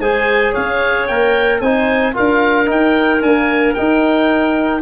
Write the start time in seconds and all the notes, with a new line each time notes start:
0.00 G#3 G#4 C5 G#5
0.52 C#4 C#5 F5
1.07 A#3 A#4 G5
1.61 C4 D#4 C5 G#5
2.14 D4 F4 A#4 F5
2.66 D#4 G5
3.22 A#3 D4 G#5
3.75 D#4 G5